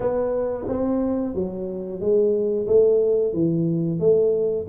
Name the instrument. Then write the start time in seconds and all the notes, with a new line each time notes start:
tuba
0.00 B3
0.68 C4
1.34 F#3
2.00 G#3
2.67 A3
3.33 E3
3.99 A3